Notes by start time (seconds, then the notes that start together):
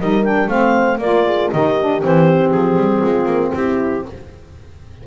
0.00 G3 D#4 A#4 D#5
0.25 D4 G5
0.48 A3 C4 C5 F5
0.99 A#3 F4 A#4 D5
1.26 G#4
1.51 D#3 D#4 G4 D#5
1.80 D4
2.02 E3 C4 C5
2.51 F3 G#4
2.77 G3
3.02 G#3 F4
3.26 A#3
3.55 C4 E4 G4